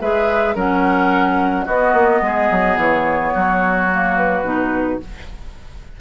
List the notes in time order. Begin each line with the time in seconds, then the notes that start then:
0.00 G#3 G#4 B4 E5
0.55 F#3 C#4 A#4 F#5
1.65 B3 F#4 D#5
1.93 A#3
2.21 G#3 G#4
2.51 F#3
2.76 E3 C#5
3.33 F#3 F#4
3.91 A#3
4.16 B4
4.42 B2 D#4